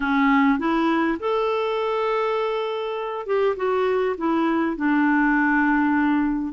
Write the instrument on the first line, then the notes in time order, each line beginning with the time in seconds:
clarinet
0.00 C#4
0.58 E4
1.19 A4
3.26 G4
3.56 F#4
4.17 E4
4.76 D4